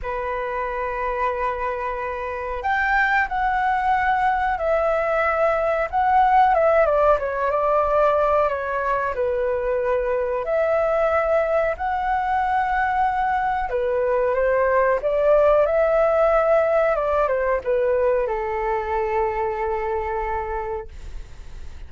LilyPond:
\new Staff \with { instrumentName = "flute" } { \time 4/4 \tempo 4 = 92 b'1 | g''4 fis''2 e''4~ | e''4 fis''4 e''8 d''8 cis''8 d''8~ | d''4 cis''4 b'2 |
e''2 fis''2~ | fis''4 b'4 c''4 d''4 | e''2 d''8 c''8 b'4 | a'1 | }